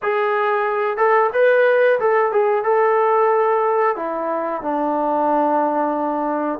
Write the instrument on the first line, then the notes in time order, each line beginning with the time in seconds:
trombone
0.02 G#4
0.97 A4
1.33 B4
1.99 A4
2.32 G#4
2.64 A4
3.96 E4
4.62 D4